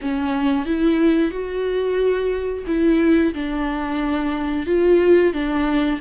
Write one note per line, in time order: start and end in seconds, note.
0.01 0.65 C#4
0.65 1.31 E4
1.31 2.64 F#4
2.66 3.33 E4
3.33 4.66 D4
4.66 5.33 F4
5.33 5.99 D4